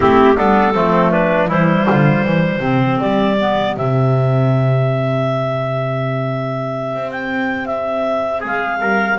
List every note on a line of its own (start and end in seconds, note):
0.00 0.37 A3
0.00 0.35 C4
0.00 0.36 E4
0.00 0.37 G4
0.36 0.74 G3
0.36 0.74 B3
0.36 0.74 D4
0.36 1.11 A4
0.74 1.48 F3
0.74 1.48 A3
0.74 1.11 C4
1.11 1.48 D4
1.11 1.48 B4
1.48 1.86 E3
1.48 2.60 G3
1.48 1.86 E4
1.48 3.00 C5
1.89 2.24 D3
1.89 2.26 F4
2.24 2.59 E3
2.24 8.39 G4
2.59 2.97 C3
2.59 3.36 C4
3.00 3.76 G3
3.00 3.75 D5
3.40 3.77 B3
3.76 6.94 C3
3.76 9.18 C4
3.76 7.11 E5
6.94 8.44 C4
7.11 7.65 G5
7.65 8.40 E5
8.39 8.80 G#3
8.39 8.76 G#4
8.46 9.18 F5
8.80 9.18 G3
8.80 9.17 A#4